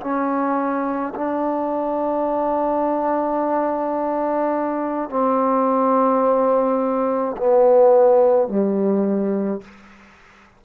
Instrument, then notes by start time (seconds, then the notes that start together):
trombone
0.00 C#4
1.14 D4
5.09 C4
7.37 B3
8.48 G3